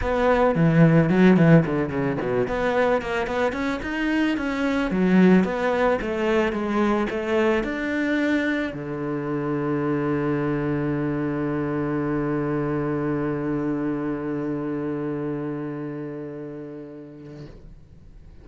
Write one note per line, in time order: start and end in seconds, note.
0.01 0.55 B3
0.55 1.09 E3
1.09 1.36 F#3
1.36 1.64 E3
1.65 1.89 D3
1.89 2.17 C#3
2.21 2.47 B2
2.47 3.01 B3
3.01 3.27 A#3
3.27 3.52 B3
3.52 3.79 C#4
3.82 4.37 D#4
4.37 4.90 C#4
4.90 5.44 F#3
5.44 5.98 B3
6.01 6.52 A3
6.52 7.07 G#3
7.10 7.63 A3
7.63 8.72 D4
8.73 17.46 D3